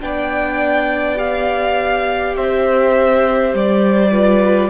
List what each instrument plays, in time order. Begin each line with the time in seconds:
0.00 cello B3, viola D4, violin D5 G5
1.15 viola G4, violin F5
2.37 cello C4, violin C5 E5
3.54 cello G3, violin D5
4.11 viola F4, violin B4